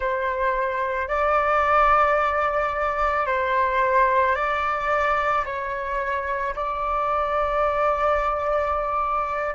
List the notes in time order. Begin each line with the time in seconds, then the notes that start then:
0.00 C5
1.08 D5
3.26 C5
4.35 D5
5.45 C#5
6.55 D5